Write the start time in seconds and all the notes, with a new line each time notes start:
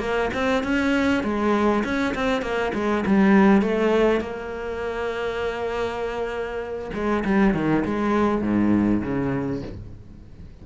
0.00 A#3
0.34 C4
0.64 C#4
1.24 G#3
1.84 C#4
2.15 C4
2.42 A#3
2.74 G#3
3.07 G3
3.62 A3
4.21 A#3
6.94 G#3
7.25 G3
7.54 D#3
7.85 G#3
8.42 G#2
9.02 C#3